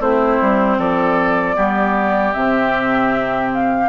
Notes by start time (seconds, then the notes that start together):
0.00 A3 C4 E4 C5
0.41 G3
0.79 F3 A4 D5
1.55 G3 B3 G4
2.33 C3 C4 E5
3.54 F5